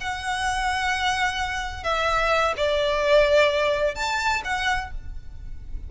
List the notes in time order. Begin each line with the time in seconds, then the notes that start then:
0.00 F#5
1.83 E5
2.57 D5
3.95 A5
4.44 F#5